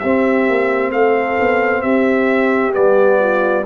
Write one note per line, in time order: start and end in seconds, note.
0.00 0.49 C4
0.00 2.72 C4
0.00 0.92 G4
0.00 0.91 E5
0.49 0.91 A#3
0.91 1.37 A3
0.91 1.83 A4
0.91 1.82 F5
1.40 1.85 B3
1.82 2.76 C4
1.82 3.19 G4
1.82 2.73 E5
2.72 3.66 G3
2.72 3.63 B3
2.72 3.65 D5
3.19 3.65 F4